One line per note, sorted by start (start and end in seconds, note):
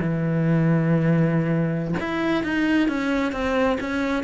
0.00 1.95 E3
2.00 2.44 E4
2.44 2.89 D#4
2.89 3.32 C#4
3.32 3.78 C4
3.81 4.24 C#4